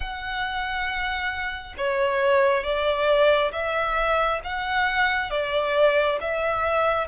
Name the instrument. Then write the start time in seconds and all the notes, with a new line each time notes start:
violin
0.00 F#5
1.77 C#5
2.63 D5
3.52 E5
4.44 F#5
5.30 D5
6.20 E5